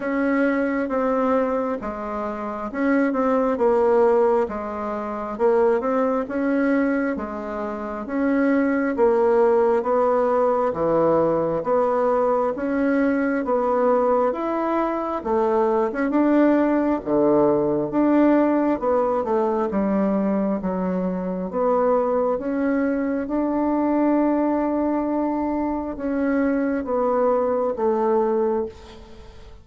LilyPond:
\new Staff \with { instrumentName = "bassoon" } { \time 4/4 \tempo 4 = 67 cis'4 c'4 gis4 cis'8 c'8 | ais4 gis4 ais8 c'8 cis'4 | gis4 cis'4 ais4 b4 | e4 b4 cis'4 b4 |
e'4 a8. cis'16 d'4 d4 | d'4 b8 a8 g4 fis4 | b4 cis'4 d'2~ | d'4 cis'4 b4 a4 | }